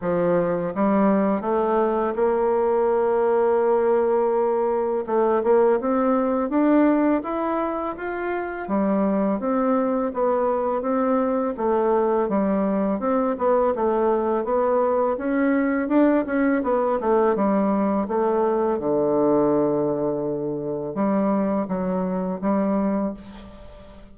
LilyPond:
\new Staff \with { instrumentName = "bassoon" } { \time 4/4 \tempo 4 = 83 f4 g4 a4 ais4~ | ais2. a8 ais8 | c'4 d'4 e'4 f'4 | g4 c'4 b4 c'4 |
a4 g4 c'8 b8 a4 | b4 cis'4 d'8 cis'8 b8 a8 | g4 a4 d2~ | d4 g4 fis4 g4 | }